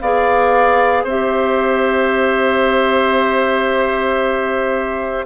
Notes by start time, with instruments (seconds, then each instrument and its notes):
0.00 bassoon B3, clarinet G#4, oboe D5, flute F5
1.04 bassoon C4, clarinet G4, oboe C5, flute E5